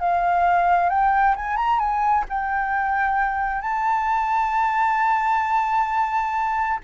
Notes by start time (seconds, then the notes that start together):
0.00 F5
0.90 G5
1.36 G#5
1.57 A#5
1.79 G#5
2.29 G5
3.62 A5